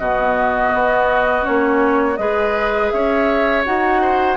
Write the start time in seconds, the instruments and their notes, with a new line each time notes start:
0.00 bassoon B2, clarinet B3, oboe F#4, flute D#5
0.74 bassoon B3
1.42 bassoon A#3, clarinet C#4, flute C#5
2.17 bassoon G#3, clarinet G#4, oboe B4, flute D#5
2.91 bassoon C#4, oboe C#5, flute E5
3.65 bassoon D#4, clarinet F#4, flute F#5
4.02 oboe C5